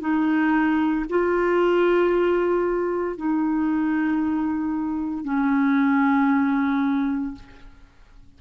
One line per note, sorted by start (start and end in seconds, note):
0.00 1.05 D#4
1.09 3.17 F4
3.17 5.24 D#4
5.24 7.34 C#4